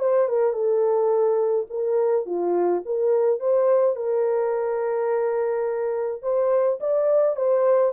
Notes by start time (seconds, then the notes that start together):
0.00 C5
0.29 A#4
0.53 A4
1.70 A#4
2.26 F4
2.86 A#4
3.40 C5
3.96 A#4
6.23 C5
6.81 D5
7.36 C5